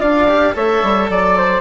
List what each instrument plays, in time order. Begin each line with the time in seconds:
0.00 bassoon D4, cello F4, flute D5, oboe F5
0.28 cello G4
0.54 bassoon A3, cello A4, flute C#5, oboe E5
0.83 bassoon G3
1.09 bassoon F#3, flute D5, oboe D5
1.37 flute C5